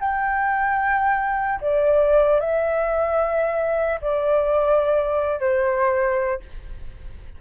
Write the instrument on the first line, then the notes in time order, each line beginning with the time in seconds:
flute
0.00 G5
1.61 D5
2.40 E5
4.01 D5
5.40 C5